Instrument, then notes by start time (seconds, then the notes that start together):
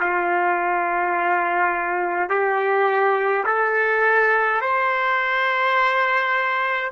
trumpet
0.00 F4
2.29 G4
3.46 A4
4.61 C5